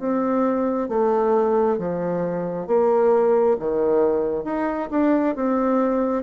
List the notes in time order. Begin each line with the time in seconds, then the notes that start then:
0.00 C4
0.89 A3
1.78 F3
2.67 A#3
3.59 D#3
4.45 D#4
4.91 D4
5.36 C4